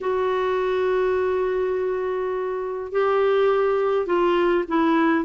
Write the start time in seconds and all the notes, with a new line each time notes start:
0.01 F#4
2.92 G4
4.06 F4
4.68 E4